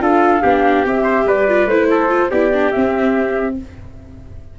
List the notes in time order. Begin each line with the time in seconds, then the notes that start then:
0.00 D4 F4 A4 F5
0.42 B3 D4 G4
0.85 C4 G4 E5
1.03 C5
1.25 G3 B4 D5
1.48 F4
1.66 A3 E4 C5
1.90 A4
2.09 F4
2.30 B3 E4 G4 D5
2.53 D4
2.71 C4 E5